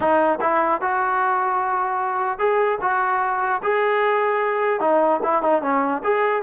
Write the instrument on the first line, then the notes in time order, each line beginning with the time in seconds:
trombone
0.00 D#4
0.40 E4
0.81 F#4
2.38 G#4
2.81 F#4
3.62 G#4
4.80 D#4
5.23 E4
5.42 D#4
5.62 C#4
6.03 G#4